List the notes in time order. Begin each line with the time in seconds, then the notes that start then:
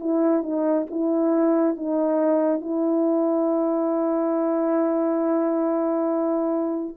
0.00 E4
0.43 D#4
0.90 E4
1.76 D#4
2.60 E4